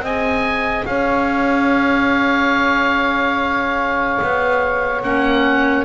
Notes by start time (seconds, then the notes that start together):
0.00 C4 G#4 D#5 G#5
0.86 C#4 C#5 F5
4.22 B3
5.03 A#3 C#4 F#5